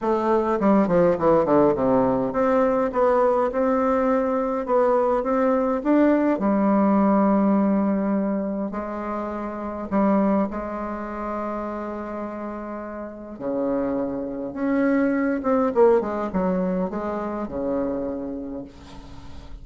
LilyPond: \new Staff \with { instrumentName = "bassoon" } { \time 4/4 \tempo 4 = 103 a4 g8 f8 e8 d8 c4 | c'4 b4 c'2 | b4 c'4 d'4 g4~ | g2. gis4~ |
gis4 g4 gis2~ | gis2. cis4~ | cis4 cis'4. c'8 ais8 gis8 | fis4 gis4 cis2 | }